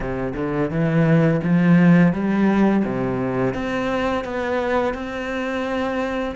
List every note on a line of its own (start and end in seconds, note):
0.00 0.34 C3
0.35 0.70 D3
0.70 1.41 E3
1.43 2.12 F3
2.12 2.83 G3
2.84 3.54 C3
3.54 4.24 C4
4.24 4.94 B3
4.94 6.35 C4